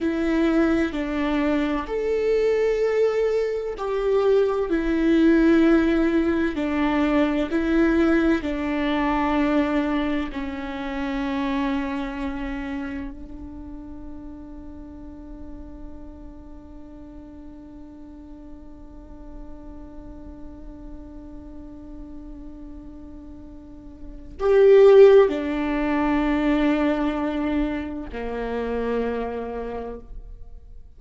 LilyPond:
\new Staff \with { instrumentName = "viola" } { \time 4/4 \tempo 4 = 64 e'4 d'4 a'2 | g'4 e'2 d'4 | e'4 d'2 cis'4~ | cis'2 d'2~ |
d'1~ | d'1~ | d'2 g'4 d'4~ | d'2 ais2 | }